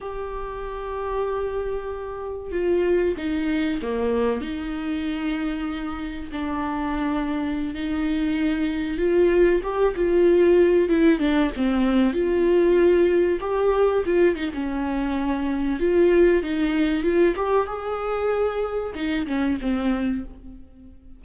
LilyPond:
\new Staff \with { instrumentName = "viola" } { \time 4/4 \tempo 4 = 95 g'1 | f'4 dis'4 ais4 dis'4~ | dis'2 d'2~ | d'16 dis'2 f'4 g'8 f'16~ |
f'4~ f'16 e'8 d'8 c'4 f'8.~ | f'4~ f'16 g'4 f'8 dis'16 cis'4~ | cis'4 f'4 dis'4 f'8 g'8 | gis'2 dis'8 cis'8 c'4 | }